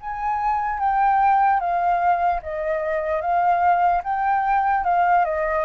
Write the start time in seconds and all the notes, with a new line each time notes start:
0.00 G#5
0.79 G5
1.60 F5
2.42 D#5
3.21 F5
4.03 G5
4.84 F5
5.24 D#5